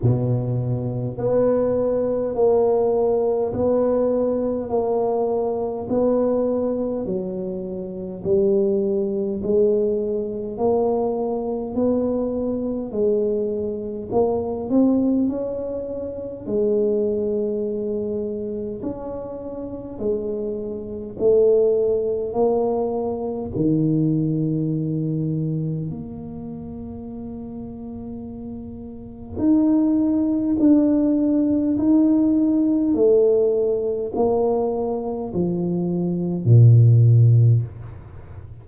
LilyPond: \new Staff \with { instrumentName = "tuba" } { \time 4/4 \tempo 4 = 51 b,4 b4 ais4 b4 | ais4 b4 fis4 g4 | gis4 ais4 b4 gis4 | ais8 c'8 cis'4 gis2 |
cis'4 gis4 a4 ais4 | dis2 ais2~ | ais4 dis'4 d'4 dis'4 | a4 ais4 f4 ais,4 | }